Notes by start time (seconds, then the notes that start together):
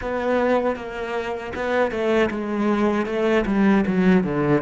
0.01 B3
0.76 A#3
1.55 B3
1.91 A3
2.30 G#3
3.06 A3
3.45 G3
3.87 F#3
4.23 D3